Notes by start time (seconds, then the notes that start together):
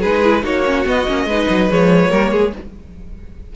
0.00 G#3 D#4 G#4 B4
0.23 E4
0.42 A#3 D#4 F#4 C#5
0.65 C#4
0.85 B3 D#5
1.07 A#3 C#4
1.25 G#3 D#4 B4
1.49 F#3
1.70 F3 G#3 C#5
2.09 G3 A#3 A#4
2.31 G#3 G#4